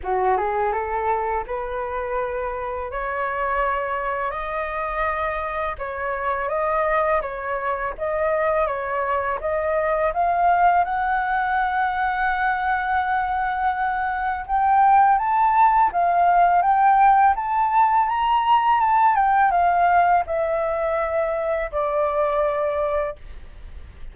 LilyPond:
\new Staff \with { instrumentName = "flute" } { \time 4/4 \tempo 4 = 83 fis'8 gis'8 a'4 b'2 | cis''2 dis''2 | cis''4 dis''4 cis''4 dis''4 | cis''4 dis''4 f''4 fis''4~ |
fis''1 | g''4 a''4 f''4 g''4 | a''4 ais''4 a''8 g''8 f''4 | e''2 d''2 | }